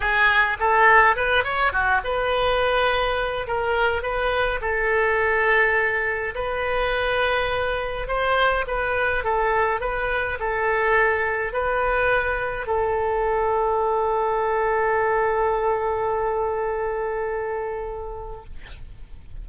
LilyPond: \new Staff \with { instrumentName = "oboe" } { \time 4/4 \tempo 4 = 104 gis'4 a'4 b'8 cis''8 fis'8 b'8~ | b'2 ais'4 b'4 | a'2. b'4~ | b'2 c''4 b'4 |
a'4 b'4 a'2 | b'2 a'2~ | a'1~ | a'1 | }